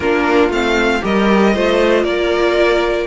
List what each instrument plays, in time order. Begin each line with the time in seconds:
0.00 cello A#3, viola D4, violin F4 A#4
0.49 cello A3, viola C4, violin F5
1.01 cello G3, viola G4, violin A#4 D#5
1.54 cello A3, viola F4, violin C5
2.03 cello A#3, violin A#4 D5